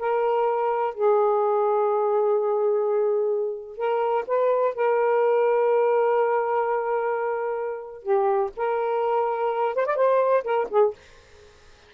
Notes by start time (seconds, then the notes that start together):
0.00 A#4
0.95 G#4
3.78 A#4
4.27 B4
4.75 A#4
8.03 G4
8.57 A#4
9.76 C5
9.86 D5
9.96 C5
10.44 A#4
10.70 G#4